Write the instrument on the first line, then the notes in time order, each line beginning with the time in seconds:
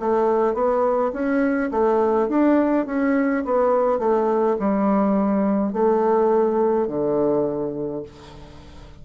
bassoon
0.00 A3
0.55 B3
1.13 C#4
1.72 A3
2.29 D4
2.86 C#4
3.45 B3
3.99 A3
4.59 G3
5.73 A3
6.88 D3